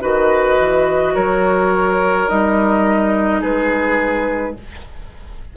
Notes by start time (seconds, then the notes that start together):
0.00 D#3 F#4 B4 D#5
0.59 E3
1.14 F#3 A#4 C#5
2.27 G3 D#4 D#5
3.41 G#3 G#4 B4